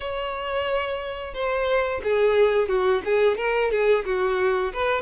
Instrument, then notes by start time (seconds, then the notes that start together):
violin
0.00 C#5
1.34 C5
2.03 G#4
2.68 F#4
3.04 G#4
3.37 A#4
3.71 G#4
4.05 F#4
4.73 B4